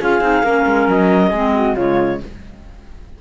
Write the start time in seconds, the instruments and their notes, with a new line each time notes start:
0.00 cello C#4, clarinet F4 F5, flute G#4
0.20 cello C4, clarinet D#4
0.43 cello A#3, clarinet C#4, flute A#4
0.66 cello G#3
0.88 cello F#3, clarinet D#5
1.29 cello G#3, clarinet C4, flute G#4
1.54 flute F#4
1.75 cello C#3, clarinet G#3 C#5, flute F4